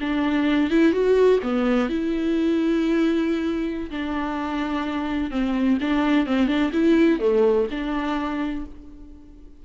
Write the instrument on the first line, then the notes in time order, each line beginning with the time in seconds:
viola
0.00 D4
0.70 E4
0.92 F#4
1.43 B3
1.89 E4
3.90 D4
5.30 C4
5.81 D4
6.26 C4
6.47 D4
6.73 E4
7.20 A3
7.71 D4